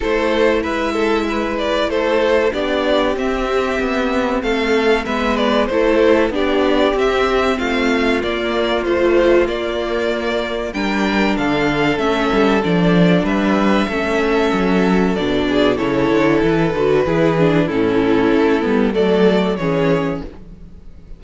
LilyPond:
<<
  \new Staff \with { instrumentName = "violin" } { \time 4/4 \tempo 4 = 95 c''4 e''4. d''8 c''4 | d''4 e''2 f''4 | e''8 d''8 c''4 d''4 e''4 | f''4 d''4 c''4 d''4~ |
d''4 g''4 f''4 e''4 | d''4 e''2. | d''4 cis''4 b'2 | a'2 d''4 cis''4 | }
  \new Staff \with { instrumentName = "violin" } { \time 4/4 a'4 b'8 a'8 b'4 a'4 | g'2. a'4 | b'4 a'4 g'2 | f'1~ |
f'4 ais'4 a'2~ | a'4 b'4 a'2~ | a'8 gis'8 a'2 gis'4 | e'2 a'4 gis'4 | }
  \new Staff \with { instrumentName = "viola" } { \time 4/4 e'1 | d'4 c'2. | b4 e'4 d'4 c'4~ | c'4 ais4 f4 ais4~ |
ais4 d'2 cis'4 | d'2 cis'2 | d'4 e'4. fis'8 e'8 d'8 | cis'4. b8 a4 cis'4 | }
  \new Staff \with { instrumentName = "cello" } { \time 4/4 a4 gis2 a4 | b4 c'4 b4 a4 | gis4 a4 b4 c'4 | a4 ais4 a4 ais4~ |
ais4 g4 d4 a8 g8 | f4 g4 a4 fis4 | b,4 cis8 d8 e8 d8 e4 | a,4 a8 g8 fis4 e4 | }
>>